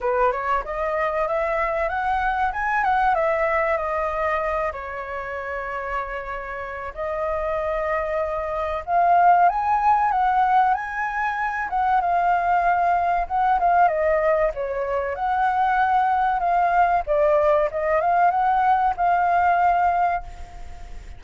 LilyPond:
\new Staff \with { instrumentName = "flute" } { \time 4/4 \tempo 4 = 95 b'8 cis''8 dis''4 e''4 fis''4 | gis''8 fis''8 e''4 dis''4. cis''8~ | cis''2. dis''4~ | dis''2 f''4 gis''4 |
fis''4 gis''4. fis''8 f''4~ | f''4 fis''8 f''8 dis''4 cis''4 | fis''2 f''4 d''4 | dis''8 f''8 fis''4 f''2 | }